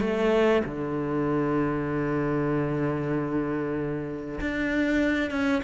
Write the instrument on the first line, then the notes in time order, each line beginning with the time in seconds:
cello
0.00 A3
0.64 D3
4.40 D4
5.30 C#4